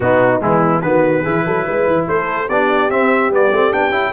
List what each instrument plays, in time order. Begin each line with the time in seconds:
0.00 tuba B2, trombone B3, horn D#4, trumpet F#4
0.40 tuba E3, trombone G#3, horn B3, trumpet E4
0.81 tuba D#3, trombone B3, horn F#4, trumpet B4
1.22 tuba E3, trombone E4, horn G#4
1.46 tuba F#3, horn A4
1.64 tuba G#3, horn B4
1.86 tuba E3
2.07 tuba A3, horn A4, trumpet C5
2.47 tuba B3, trombone D4, horn G4, trumpet D5
2.89 tuba C4, trombone C4, trumpet E5
3.30 tuba G3, trombone B3, trumpet D5
3.51 tuba A3, trombone C4
3.71 tuba B3, trombone D4, trumpet G5
3.89 tuba C#4, trombone E4